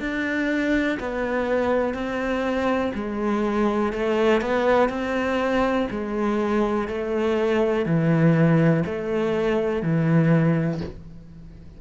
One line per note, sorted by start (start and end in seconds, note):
0.00 0.98 D4
1.00 1.94 B3
1.94 2.92 C4
2.95 3.93 G#3
3.93 4.41 A3
4.41 4.89 B3
4.89 5.87 C4
5.91 6.88 G#3
6.88 7.86 A3
7.86 8.84 E3
8.86 9.82 A3
9.82 10.81 E3